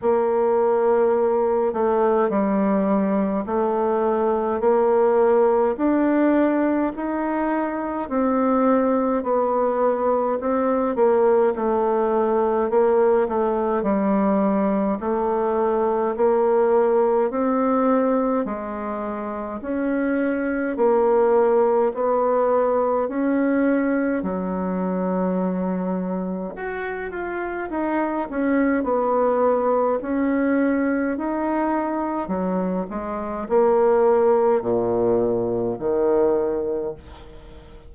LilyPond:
\new Staff \with { instrumentName = "bassoon" } { \time 4/4 \tempo 4 = 52 ais4. a8 g4 a4 | ais4 d'4 dis'4 c'4 | b4 c'8 ais8 a4 ais8 a8 | g4 a4 ais4 c'4 |
gis4 cis'4 ais4 b4 | cis'4 fis2 fis'8 f'8 | dis'8 cis'8 b4 cis'4 dis'4 | fis8 gis8 ais4 ais,4 dis4 | }